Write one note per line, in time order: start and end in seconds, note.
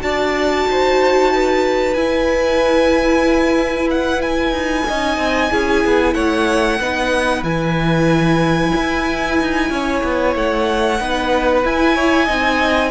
0.00 0.66 D4
0.00 1.94 F#4
0.00 0.68 D5
0.00 1.94 A5
0.68 1.96 D#4
0.68 1.34 C5
1.34 4.87 B4
1.94 4.86 E4
1.94 4.51 E4
1.94 3.88 G#5
3.90 4.22 F#5
4.22 6.14 G#5
4.51 4.83 D#4
4.87 5.17 C#4
4.87 5.51 D#4
4.87 5.52 D#5
5.17 5.50 C4
5.51 5.85 C#4
5.51 6.80 E4
5.51 6.15 G#4
5.85 6.15 B3
6.14 6.80 A3
6.14 6.79 C#5
6.14 7.43 F#5
6.80 7.43 B3
6.80 7.44 D#4
6.80 9.72 B4
7.43 8.72 E3
7.43 10.99 E4
7.43 10.34 G#5
8.76 9.40 E4
9.41 9.70 D#4
9.70 10.02 C#4
9.70 11.00 C#5
10.04 10.35 B3
10.35 11.00 A3
10.35 11.66 F#5
11.00 11.64 B3
11.00 11.64 D#4
11.00 11.95 B4
11.64 12.27 E4
11.64 12.29 E4
11.64 12.91 G#5
11.95 12.25 C#5
12.25 12.91 C4
12.25 12.91 D#4
12.25 12.90 D#5